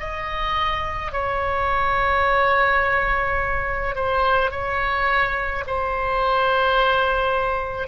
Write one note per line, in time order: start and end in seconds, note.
0.00 1.12 D#5
1.12 3.95 C#5
3.95 4.51 C5
4.51 5.64 C#5
5.67 7.88 C5